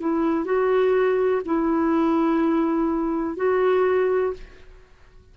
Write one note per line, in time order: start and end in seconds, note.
0.00 0.45 E4
0.45 1.42 F#4
1.46 3.37 E4
3.37 4.33 F#4